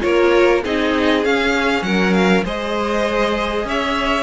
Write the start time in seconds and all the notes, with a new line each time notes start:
0.00 A#3 F4 A#4 C#5
0.64 C4 D#4 G#4 D#5
1.23 C#4 F5
1.82 F#3 A#4 F#5
2.13 F5
2.44 G#3 G#4 C5 D#5
3.64 C#4 C#5 E5